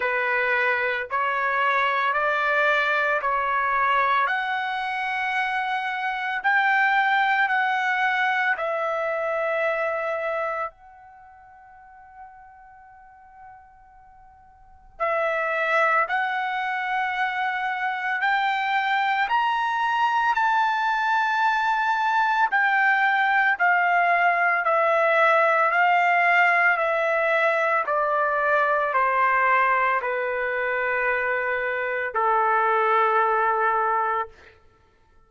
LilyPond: \new Staff \with { instrumentName = "trumpet" } { \time 4/4 \tempo 4 = 56 b'4 cis''4 d''4 cis''4 | fis''2 g''4 fis''4 | e''2 fis''2~ | fis''2 e''4 fis''4~ |
fis''4 g''4 ais''4 a''4~ | a''4 g''4 f''4 e''4 | f''4 e''4 d''4 c''4 | b'2 a'2 | }